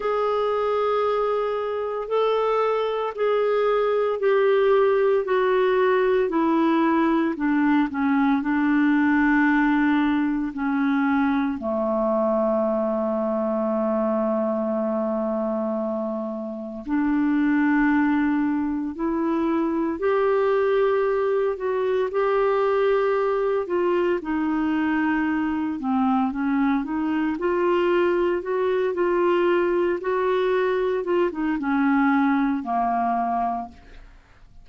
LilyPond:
\new Staff \with { instrumentName = "clarinet" } { \time 4/4 \tempo 4 = 57 gis'2 a'4 gis'4 | g'4 fis'4 e'4 d'8 cis'8 | d'2 cis'4 a4~ | a1 |
d'2 e'4 g'4~ | g'8 fis'8 g'4. f'8 dis'4~ | dis'8 c'8 cis'8 dis'8 f'4 fis'8 f'8~ | f'8 fis'4 f'16 dis'16 cis'4 ais4 | }